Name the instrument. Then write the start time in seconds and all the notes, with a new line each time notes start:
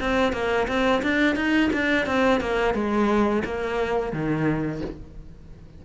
cello
0.00 C4
0.33 A#3
0.67 C4
1.02 D4
1.35 D#4
1.73 D4
2.06 C4
2.40 A#3
2.74 G#3
3.45 A#3
4.13 D#3